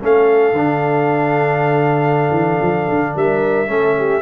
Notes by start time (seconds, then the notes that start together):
0.00 A3 C#4 A4 F5
0.53 D3 D4
2.31 E3
2.61 F3
2.89 D3
3.15 G3 A#4 E5
3.67 A3 C#4 A4
3.97 G4